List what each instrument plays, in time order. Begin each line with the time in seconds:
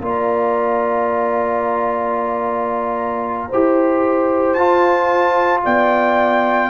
0.00 tuba A#3, trombone F4, horn D5, trumpet A#5
3.49 tuba E4, trombone G4, horn C5
4.53 tuba F4, trombone F4, trumpet A5
5.64 tuba B3, horn D5, trumpet G5